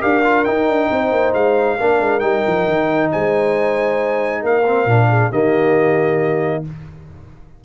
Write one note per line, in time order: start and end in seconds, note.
0.00 0.47 D4
0.00 0.22 G4
0.00 0.88 A#4
0.00 0.44 F5
0.24 0.45 F4
0.44 1.78 D#4
0.44 0.67 D#4
0.44 1.32 G5
0.67 0.89 D4
0.91 1.11 C4
0.91 1.77 C5
1.11 1.33 A#3
1.33 1.77 G#3
1.33 2.19 F5
1.77 2.00 A#3
1.77 2.20 D4
1.77 3.09 A#4
2.00 2.21 G#3
2.19 2.43 G3
2.19 4.63 D#4
2.19 3.08 G5
2.47 2.67 F3
2.67 3.11 D#3
3.11 4.43 G#3
3.11 4.41 C5
3.11 4.44 G#5
4.41 4.85 A#3
4.41 5.07 A#4
4.41 5.31 F5
4.66 4.88 C4
4.85 5.30 A#2
4.85 5.32 D4
5.08 5.29 G#4
5.29 6.64 D#3
5.29 6.64 A#3
5.29 6.61 G4
5.29 6.64 D#5